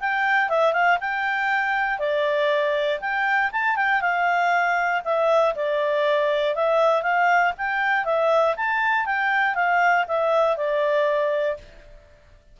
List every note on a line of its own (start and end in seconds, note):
0.00 0.49 G5
0.49 0.73 E5
0.73 0.98 F5
1.01 1.99 G5
1.99 3.00 D5
3.01 3.51 G5
3.52 3.76 A5
3.76 4.01 G5
4.01 5.02 F5
5.05 5.55 E5
5.55 6.55 D5
6.55 7.02 E5
7.02 7.53 F5
7.58 8.05 G5
8.05 8.55 E5
8.57 9.06 A5
9.06 9.55 G5
9.55 10.05 F5
10.08 10.57 E5
10.57 11.58 D5